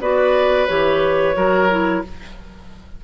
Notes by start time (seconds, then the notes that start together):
0.00 B3 F#4 B4 D5
0.67 E3 G4 C#5
1.35 F#3 F#4 A#4
1.70 E4